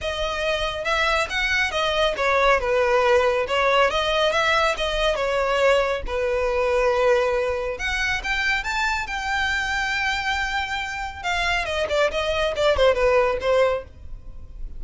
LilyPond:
\new Staff \with { instrumentName = "violin" } { \time 4/4 \tempo 4 = 139 dis''2 e''4 fis''4 | dis''4 cis''4 b'2 | cis''4 dis''4 e''4 dis''4 | cis''2 b'2~ |
b'2 fis''4 g''4 | a''4 g''2.~ | g''2 f''4 dis''8 d''8 | dis''4 d''8 c''8 b'4 c''4 | }